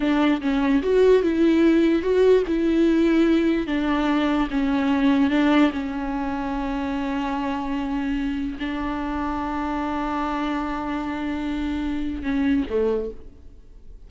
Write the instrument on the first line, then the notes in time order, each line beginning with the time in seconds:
viola
0.00 D4
0.41 C#4
0.82 F#4
1.22 E4
2.02 F#4
2.47 E4
3.66 D4
4.50 C#4
5.30 D4
5.72 C#4
8.59 D4
12.22 C#4
12.69 A3